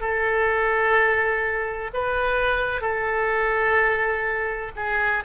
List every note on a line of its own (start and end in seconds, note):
0.00 1.90 A4
1.94 2.81 B4
2.81 4.71 A4
4.76 5.23 G#4